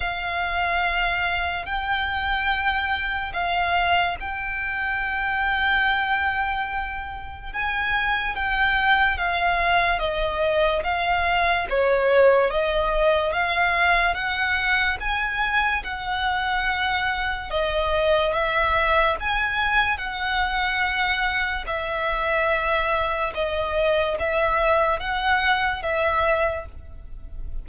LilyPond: \new Staff \with { instrumentName = "violin" } { \time 4/4 \tempo 4 = 72 f''2 g''2 | f''4 g''2.~ | g''4 gis''4 g''4 f''4 | dis''4 f''4 cis''4 dis''4 |
f''4 fis''4 gis''4 fis''4~ | fis''4 dis''4 e''4 gis''4 | fis''2 e''2 | dis''4 e''4 fis''4 e''4 | }